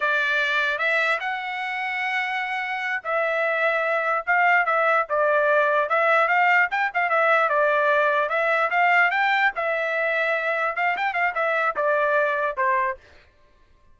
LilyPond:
\new Staff \with { instrumentName = "trumpet" } { \time 4/4 \tempo 4 = 148 d''2 e''4 fis''4~ | fis''2.~ fis''8 e''8~ | e''2~ e''8 f''4 e''8~ | e''8 d''2 e''4 f''8~ |
f''8 g''8 f''8 e''4 d''4.~ | d''8 e''4 f''4 g''4 e''8~ | e''2~ e''8 f''8 g''8 f''8 | e''4 d''2 c''4 | }